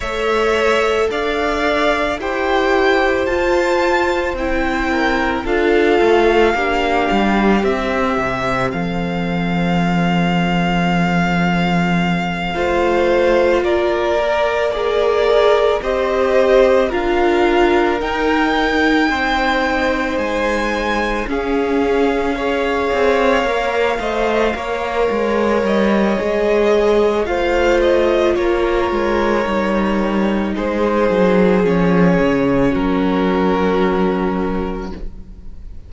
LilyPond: <<
  \new Staff \with { instrumentName = "violin" } { \time 4/4 \tempo 4 = 55 e''4 f''4 g''4 a''4 | g''4 f''2 e''4 | f''1~ | f''8 d''4 ais'4 dis''4 f''8~ |
f''8 g''2 gis''4 f''8~ | f''2.~ f''8 dis''8~ | dis''4 f''8 dis''8 cis''2 | c''4 cis''4 ais'2 | }
  \new Staff \with { instrumentName = "violin" } { \time 4/4 cis''4 d''4 c''2~ | c''8 ais'8 a'4 g'2 | a'2.~ a'8 c''8~ | c''8 ais'4 d''4 c''4 ais'8~ |
ais'4. c''2 gis'8~ | gis'8 cis''4. dis''8 cis''4.~ | cis''4 c''4 ais'2 | gis'2 fis'2 | }
  \new Staff \with { instrumentName = "viola" } { \time 4/4 a'2 g'4 f'4 | e'4 f'4 d'4 c'4~ | c'2.~ c'8 f'8~ | f'4 ais'8 gis'4 g'4 f'8~ |
f'8 dis'2. cis'8~ | cis'8 gis'4 ais'8 c''8 ais'4. | gis'4 f'2 dis'4~ | dis'4 cis'2. | }
  \new Staff \with { instrumentName = "cello" } { \time 4/4 a4 d'4 e'4 f'4 | c'4 d'8 a8 ais8 g8 c'8 c8 | f2.~ f8 a8~ | a8 ais2 c'4 d'8~ |
d'8 dis'4 c'4 gis4 cis'8~ | cis'4 c'8 ais8 a8 ais8 gis8 g8 | gis4 a4 ais8 gis8 g4 | gis8 fis8 f8 cis8 fis2 | }
>>